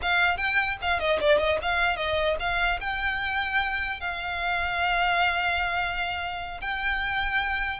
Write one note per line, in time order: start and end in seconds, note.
0.01 0.37 F5
0.37 0.77 G5
0.81 0.99 F5
0.99 1.19 D#5
1.20 1.38 D5
1.38 1.58 D#5
1.62 1.96 F5
1.96 2.36 D#5
2.39 2.79 F5
2.80 4.00 G5
4.00 6.60 F5
6.61 7.79 G5